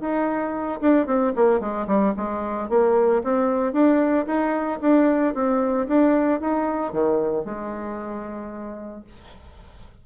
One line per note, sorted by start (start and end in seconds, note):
0.00 0.80 D#4
0.80 1.06 D4
1.06 1.33 C4
1.35 1.60 A#3
1.60 1.86 G#3
1.87 2.13 G3
2.16 2.69 G#3
2.69 3.22 A#3
3.23 3.72 C4
3.72 4.26 D4
4.26 4.79 D#4
4.81 5.34 D4
5.34 5.87 C4
5.87 6.40 D4
6.40 6.92 D#4
6.92 7.44 D#3
7.44 9.04 G#3